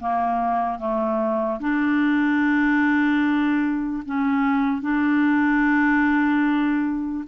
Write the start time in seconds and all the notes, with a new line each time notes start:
0.00 A#3
0.79 A3
1.60 D4
4.06 C#4
4.82 D4